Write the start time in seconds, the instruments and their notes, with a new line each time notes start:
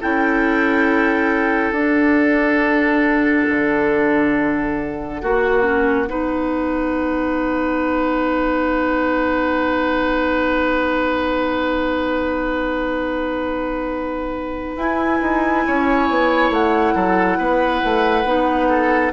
0.00 bassoon C#4, clarinet E4, oboe A4, flute G5
1.72 bassoon D4, clarinet D4, flute F#5
3.49 bassoon D3
5.22 bassoon A#3, clarinet F#4, oboe F#4
5.62 clarinet C#4
6.08 bassoon B3, clarinet D#4, oboe B4
14.76 bassoon E4, clarinet E4, flute G#5
15.22 bassoon D#4
15.66 bassoon C#4, oboe C#5
16.09 bassoon B3
16.50 bassoon A3, flute F#5
16.95 bassoon F#3, oboe A4
17.38 bassoon B3, oboe B4
17.84 bassoon A3
18.24 bassoon B3, clarinet D#4
18.69 oboe A4